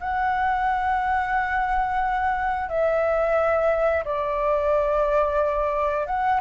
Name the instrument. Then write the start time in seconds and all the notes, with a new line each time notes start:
flute
0.00 F#5
2.69 E5
4.04 D5
6.06 F#5